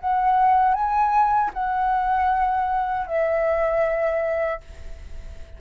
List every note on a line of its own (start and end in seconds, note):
0.00 0.74 F#5
0.74 1.51 G#5
1.53 3.07 F#5
3.07 4.60 E5